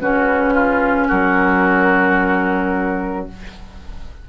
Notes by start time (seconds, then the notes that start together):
0.00 C#3 C#4 F#4 B4
0.54 F4
1.07 F#3 F#4 A#4